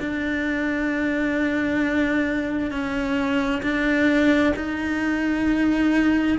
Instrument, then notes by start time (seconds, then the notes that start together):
cello
0.00 D4
2.71 C#4
3.62 D4
4.56 D#4